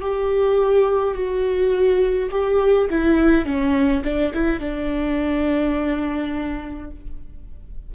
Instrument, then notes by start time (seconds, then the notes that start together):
viola
0.00 G4
1.14 F#4
2.30 G4
2.90 E4
3.45 C#4
4.04 D4
4.33 E4
4.59 D4